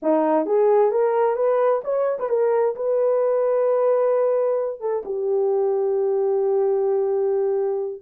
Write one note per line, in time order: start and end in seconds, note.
0.02 0.45 D#4
0.45 0.91 G#4
0.91 1.35 A#4
1.35 1.81 B4
1.84 2.18 C#5
2.19 2.29 B4
2.29 2.75 A#4
2.75 4.80 B4
4.80 5.03 A4
5.05 8.02 G4